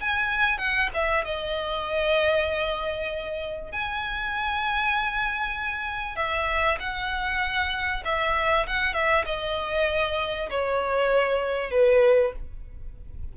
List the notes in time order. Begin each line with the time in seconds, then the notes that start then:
0.00 G#5
0.58 F#5
0.94 E5
1.25 D#5
3.71 G#5
6.16 E5
6.79 F#5
8.04 E5
8.67 F#5
8.94 E5
9.25 D#5
10.50 C#5
11.70 B4